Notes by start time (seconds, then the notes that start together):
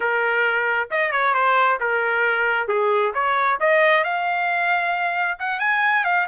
0.00 A#4
0.91 D#5
1.11 C#5
1.34 C5
1.80 A#4
2.68 G#4
3.14 C#5
3.60 D#5
4.03 F5
5.39 F#5
5.59 G#5
6.04 F5